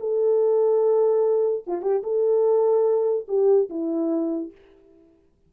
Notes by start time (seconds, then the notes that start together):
0.00 A4
1.67 F4
1.82 G4
2.03 A4
3.28 G4
3.69 E4